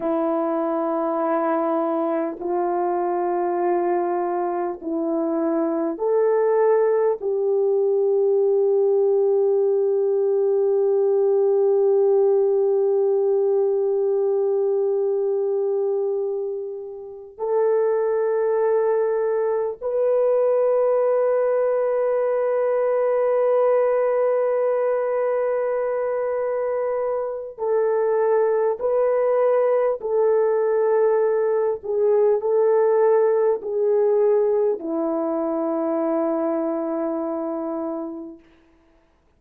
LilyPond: \new Staff \with { instrumentName = "horn" } { \time 4/4 \tempo 4 = 50 e'2 f'2 | e'4 a'4 g'2~ | g'1~ | g'2~ g'8 a'4.~ |
a'8 b'2.~ b'8~ | b'2. a'4 | b'4 a'4. gis'8 a'4 | gis'4 e'2. | }